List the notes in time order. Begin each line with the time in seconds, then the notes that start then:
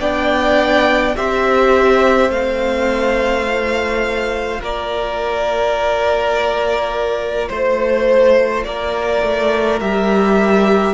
0.00 B3 D4 D5 G5
1.15 C4 G4 C5 E5
2.29 A3 C4 F5
3.46 F4
4.61 A#3 A#4 D5
7.48 A3 C5
8.64 A#3 A#4 D5
9.23 A3
9.81 G3 G4 E5